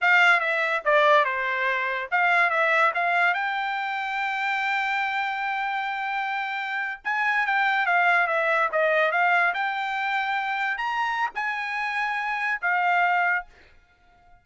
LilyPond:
\new Staff \with { instrumentName = "trumpet" } { \time 4/4 \tempo 4 = 143 f''4 e''4 d''4 c''4~ | c''4 f''4 e''4 f''4 | g''1~ | g''1~ |
g''8. gis''4 g''4 f''4 e''16~ | e''8. dis''4 f''4 g''4~ g''16~ | g''4.~ g''16 ais''4~ ais''16 gis''4~ | gis''2 f''2 | }